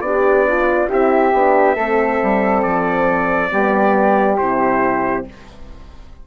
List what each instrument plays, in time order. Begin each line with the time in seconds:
0.00 bassoon B3, flute D4, horn G4, trumpet D5
0.48 horn F4
0.88 bassoon C4, horn E4, flute G4, trumpet E5
1.33 bassoon B3, horn D4
1.76 bassoon A3, horn C4, flute A4
2.23 bassoon G3
2.62 bassoon F3, trumpet D5
3.51 bassoon G3, horn B3, flute G4
4.37 bassoon C3, horn E4, trumpet C5